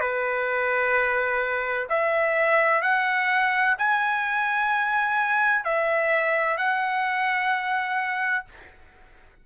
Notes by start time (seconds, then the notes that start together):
0.00 B4
1.89 E5
2.82 F#5
3.78 G#5
5.64 E5
6.57 F#5